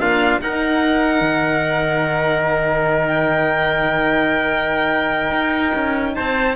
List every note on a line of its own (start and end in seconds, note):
0.00 0.41 A#3
0.00 0.41 D4
0.00 0.43 F4
0.00 0.41 F5
0.41 1.22 D#4
0.41 6.56 D#4
0.41 6.16 A#4
0.41 3.08 F#5
1.22 5.32 D#3
3.08 6.15 G5
5.32 5.73 D#4
5.75 6.16 C#4
6.15 6.56 C4
6.15 6.56 C5
6.15 6.56 A5